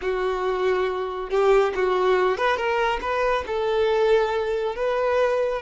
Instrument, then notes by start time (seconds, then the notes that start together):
violin
0.01 F#4
1.30 G4
1.75 F#4
2.37 B4
2.56 A#4
3.01 B4
3.46 A4
4.75 B4